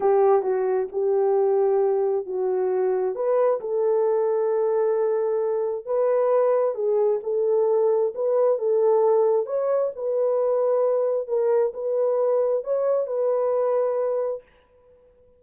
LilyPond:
\new Staff \with { instrumentName = "horn" } { \time 4/4 \tempo 4 = 133 g'4 fis'4 g'2~ | g'4 fis'2 b'4 | a'1~ | a'4 b'2 gis'4 |
a'2 b'4 a'4~ | a'4 cis''4 b'2~ | b'4 ais'4 b'2 | cis''4 b'2. | }